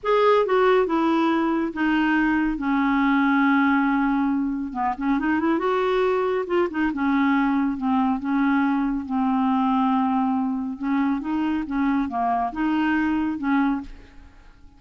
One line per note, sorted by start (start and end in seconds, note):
0.03 0.46 G#4
0.46 0.86 F#4
0.86 1.72 E4
1.73 2.57 D#4
2.57 4.73 C#4
4.73 4.94 B3
4.97 5.19 C#4
5.19 5.40 D#4
5.40 5.58 E4
5.58 6.45 F#4
6.46 6.68 F4
6.70 6.92 D#4
6.93 7.77 C#4
7.77 8.19 C4
8.19 9.05 C#4
9.05 10.78 C4
10.78 11.21 C#4
11.21 11.64 D#4
11.66 12.08 C#4
12.08 12.52 A#3
12.52 13.37 D#4
13.37 13.81 C#4